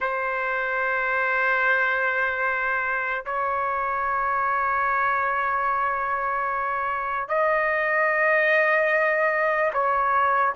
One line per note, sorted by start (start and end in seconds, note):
0.00 3.25 C5
3.25 7.28 C#5
7.28 9.71 D#5
9.73 10.54 C#5